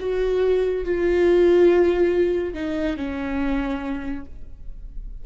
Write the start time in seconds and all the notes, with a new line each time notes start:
0.00 F#4
0.85 F4
2.54 D#4
2.97 C#4